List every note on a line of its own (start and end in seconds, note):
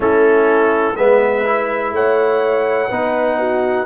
0.00 0.95 A3
0.00 0.94 C#4
0.00 0.96 E4
0.00 0.96 A4
0.95 1.91 G#3
0.95 1.45 B3
0.95 1.93 B4
0.95 1.93 E5
1.45 2.90 E4
1.91 2.88 A3
1.91 2.89 C#5
1.91 3.85 F#5
2.89 3.85 B3
2.89 3.85 D#4
2.89 3.37 B4
3.38 3.85 F#4